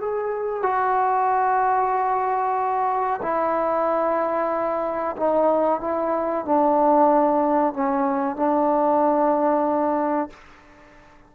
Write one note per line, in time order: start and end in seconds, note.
0.00 0.63 G#4
0.63 3.21 F#4
3.23 5.16 E4
5.17 5.81 D#4
5.81 6.45 E4
6.45 7.74 D4
7.74 8.37 C#4
8.37 10.30 D4